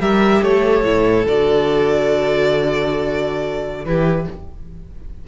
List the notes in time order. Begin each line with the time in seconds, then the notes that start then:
0.00 G3 G4 A#4 E5
0.43 A3 A4 C#5
0.85 A2 E4
1.27 D3 F#4 D5
3.85 E3 E4 G4 B4